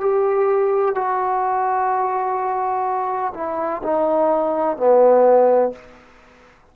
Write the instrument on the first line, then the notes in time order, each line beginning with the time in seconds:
trombone
0.00 G4
0.95 F#4
3.34 E4
3.83 D#4
4.77 B3